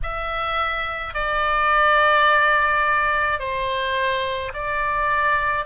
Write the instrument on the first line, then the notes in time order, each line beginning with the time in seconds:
oboe
0.03 E5
1.14 D5
3.39 C5
4.53 D5